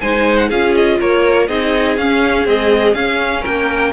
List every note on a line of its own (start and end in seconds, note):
0.00 0.51 G#3
0.00 0.50 D#4
0.00 0.48 C5
0.00 0.37 G#5
0.37 0.49 F#5
0.48 1.00 C#4
0.48 1.48 F4
0.48 0.97 G#4
0.48 0.74 F5
0.75 1.00 D#5
1.00 1.48 A#3
1.00 1.48 A#4
1.00 1.47 C#5
1.47 1.97 C4
1.47 1.97 D#4
1.47 3.41 G#4
1.47 1.96 D#5
1.97 2.45 C#4
1.97 2.47 C#4
1.97 2.46 F5
2.45 2.95 G#3
2.45 2.94 C4
2.45 2.94 D#5
2.94 3.44 C#4
2.94 3.92 C#4
2.94 3.43 F5
3.41 3.92 A#3
3.41 3.90 A#4
3.41 3.92 G5